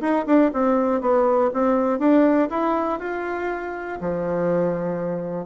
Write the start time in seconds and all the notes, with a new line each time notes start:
0.00 D#4
0.26 D4
0.53 C4
1.01 B3
1.53 C4
1.99 D4
2.50 E4
2.99 F4
4.00 F3